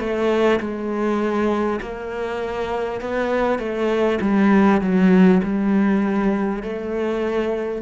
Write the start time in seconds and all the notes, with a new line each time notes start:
0.00 A3
0.61 G#3
1.82 A#3
3.01 B3
3.59 A3
4.22 G3
4.82 F#3
5.43 G3
6.63 A3